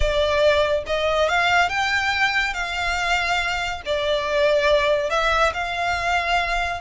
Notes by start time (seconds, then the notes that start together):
0.00 D5
0.86 D#5
1.28 F5
1.69 G5
2.53 F5
3.85 D5
5.10 E5
5.53 F5